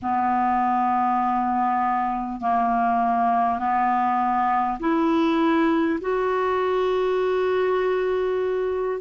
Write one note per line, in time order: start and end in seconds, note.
0.02 2.40 B3
2.40 3.58 A#3
3.58 4.78 B3
4.79 5.99 E4
6.00 9.00 F#4